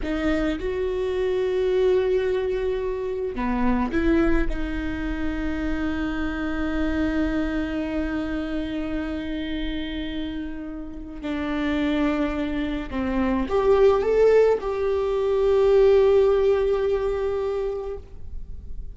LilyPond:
\new Staff \with { instrumentName = "viola" } { \time 4/4 \tempo 4 = 107 dis'4 fis'2.~ | fis'2 b4 e'4 | dis'1~ | dis'1~ |
dis'1 | d'2. c'4 | g'4 a'4 g'2~ | g'1 | }